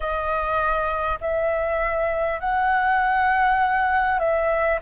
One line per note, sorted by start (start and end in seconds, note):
0.00 1.18 D#5
1.20 2.39 E5
2.39 4.19 F#5
4.19 4.79 E5